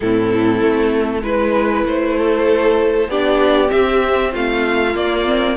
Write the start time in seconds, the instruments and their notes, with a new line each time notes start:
0.00 cello A2, viola C4, violin E4 A4
0.61 cello A3
1.22 cello G#3, viola E4, violin B4
1.84 cello A3, violin C5
2.18 violin A4
3.08 cello B3, viola D4, violin G4 D5
3.67 viola C4, cello C4, violin E5
4.32 cello A3, violin F4 F5
4.95 cello A#3, viola A#3, violin D5
5.25 viola C4